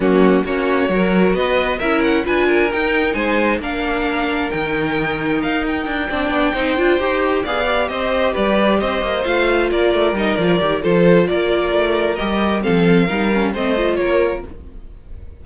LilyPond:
<<
  \new Staff \with { instrumentName = "violin" } { \time 4/4 \tempo 4 = 133 fis'4 cis''2 dis''4 | e''8 fis''8 gis''4 g''4 gis''4 | f''2 g''2 | f''8 g''2.~ g''8~ |
g''8 f''4 dis''4 d''4 dis''8~ | dis''8 f''4 d''4 dis''8 d''4 | c''4 d''2 dis''4 | f''2 dis''4 cis''4 | }
  \new Staff \with { instrumentName = "violin" } { \time 4/4 cis'4 fis'4 ais'4 b'4 | ais'4 b'8 ais'4. c''4 | ais'1~ | ais'4. d''4 c''4.~ |
c''8 d''4 c''4 b'4 c''8~ | c''4. ais'2~ ais'8 | a'4 ais'2. | a'4 ais'4 c''4 ais'4 | }
  \new Staff \with { instrumentName = "viola" } { \time 4/4 ais4 cis'4 fis'2 | e'4 f'4 dis'2 | d'2 dis'2~ | dis'4. d'4 dis'8 f'8 g'8~ |
g'8 gis'8 g'2.~ | g'8 f'2 dis'8 f'8 g'8 | f'2. g'4 | c'4 dis'8 cis'8 c'8 f'4. | }
  \new Staff \with { instrumentName = "cello" } { \time 4/4 fis4 ais4 fis4 b4 | cis'4 d'4 dis'4 gis4 | ais2 dis2 | dis'4 d'8 c'8 b8 c'8 d'8 dis'8~ |
dis'8 b4 c'4 g4 c'8 | ais8 a4 ais8 a8 g8 f8 dis8 | f4 ais4 a4 g4 | f4 g4 a4 ais4 | }
>>